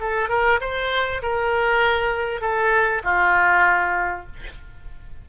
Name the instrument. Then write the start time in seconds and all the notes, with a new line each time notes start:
oboe
0.00 A4
0.29 A#4
0.61 C5
1.22 A#4
2.41 A4
3.04 F4